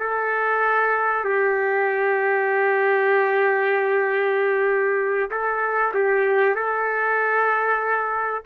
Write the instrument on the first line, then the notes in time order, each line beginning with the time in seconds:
trumpet
0.00 A4
1.25 G4
5.31 A4
5.95 G4
6.56 A4